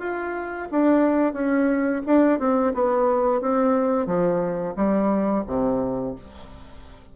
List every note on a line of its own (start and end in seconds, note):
0.00 0.68 F4
0.72 1.34 D4
1.34 2.02 C#4
2.06 2.40 D4
2.40 2.74 C4
2.74 3.42 B3
3.42 4.07 C4
4.07 4.75 F3
4.76 5.45 G3
5.47 6.15 C3